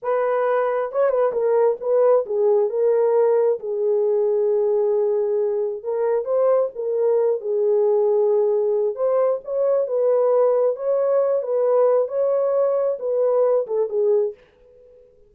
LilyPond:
\new Staff \with { instrumentName = "horn" } { \time 4/4 \tempo 4 = 134 b'2 cis''8 b'8 ais'4 | b'4 gis'4 ais'2 | gis'1~ | gis'4 ais'4 c''4 ais'4~ |
ais'8 gis'2.~ gis'8 | c''4 cis''4 b'2 | cis''4. b'4. cis''4~ | cis''4 b'4. a'8 gis'4 | }